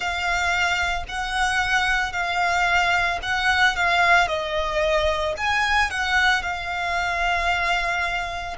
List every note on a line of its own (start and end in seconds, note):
0.00 1.04 F5
1.08 2.12 F#5
2.12 3.19 F5
3.22 3.75 F#5
3.75 4.27 F5
4.27 5.34 D#5
5.37 5.90 G#5
5.90 6.42 F#5
6.42 8.56 F5